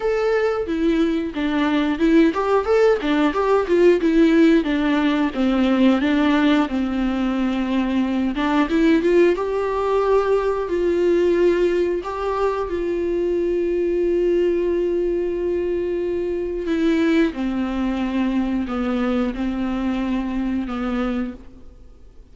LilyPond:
\new Staff \with { instrumentName = "viola" } { \time 4/4 \tempo 4 = 90 a'4 e'4 d'4 e'8 g'8 | a'8 d'8 g'8 f'8 e'4 d'4 | c'4 d'4 c'2~ | c'8 d'8 e'8 f'8 g'2 |
f'2 g'4 f'4~ | f'1~ | f'4 e'4 c'2 | b4 c'2 b4 | }